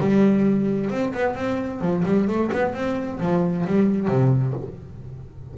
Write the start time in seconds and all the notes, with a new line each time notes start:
0.00 G3
0.90 C4
1.14 B3
1.35 C4
1.81 F3
2.05 G3
2.28 A3
2.52 B3
2.74 C4
3.20 F3
3.66 G3
4.08 C3